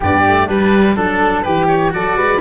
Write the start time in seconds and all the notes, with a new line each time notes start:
0.00 G2 B3 G4 D5
0.26 A3
0.46 G3 D4 B4
0.95 F#3 D4 A4
1.42 E3 G4 B4
1.67 C#5
1.89 F#3 F#4 A4 D5
2.16 G#3 B4